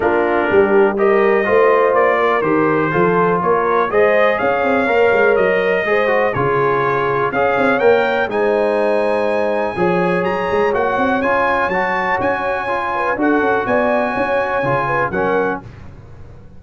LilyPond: <<
  \new Staff \with { instrumentName = "trumpet" } { \time 4/4 \tempo 4 = 123 ais'2 dis''2 | d''4 c''2 cis''4 | dis''4 f''2 dis''4~ | dis''4 cis''2 f''4 |
g''4 gis''2.~ | gis''4 ais''4 fis''4 gis''4 | a''4 gis''2 fis''4 | gis''2. fis''4 | }
  \new Staff \with { instrumentName = "horn" } { \time 4/4 f'4 g'4 ais'4 c''4~ | c''8 ais'4. a'4 ais'4 | c''4 cis''2. | c''4 gis'2 cis''4~ |
cis''4 c''2. | cis''1~ | cis''2~ cis''8 b'8 a'4 | d''4 cis''4. b'8 ais'4 | }
  \new Staff \with { instrumentName = "trombone" } { \time 4/4 d'2 g'4 f'4~ | f'4 g'4 f'2 | gis'2 ais'2 | gis'8 fis'8 f'2 gis'4 |
ais'4 dis'2. | gis'2 fis'4 f'4 | fis'2 f'4 fis'4~ | fis'2 f'4 cis'4 | }
  \new Staff \with { instrumentName = "tuba" } { \time 4/4 ais4 g2 a4 | ais4 dis4 f4 ais4 | gis4 cis'8 c'8 ais8 gis8 fis4 | gis4 cis2 cis'8 c'8 |
ais4 gis2. | f4 fis8 gis8 ais8 c'8 cis'4 | fis4 cis'2 d'8 cis'8 | b4 cis'4 cis4 fis4 | }
>>